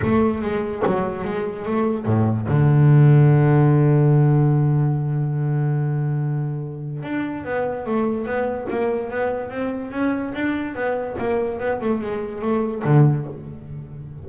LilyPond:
\new Staff \with { instrumentName = "double bass" } { \time 4/4 \tempo 4 = 145 a4 gis4 fis4 gis4 | a4 a,4 d2~ | d1~ | d1~ |
d4 d'4 b4 a4 | b4 ais4 b4 c'4 | cis'4 d'4 b4 ais4 | b8 a8 gis4 a4 d4 | }